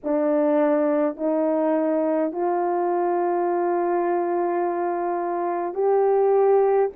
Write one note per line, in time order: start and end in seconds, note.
0.03 1.16 D4
1.16 2.31 D#4
2.32 5.74 F4
5.74 6.89 G4